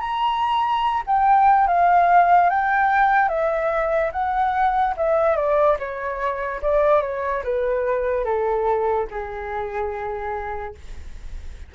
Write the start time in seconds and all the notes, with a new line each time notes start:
0.00 A#5
1.06 G5
1.67 F5
2.50 G5
3.29 E5
4.12 F#5
4.97 E5
5.36 D5
5.79 C#5
6.62 D5
7.02 C#5
7.44 B4
8.25 A4
9.10 G#4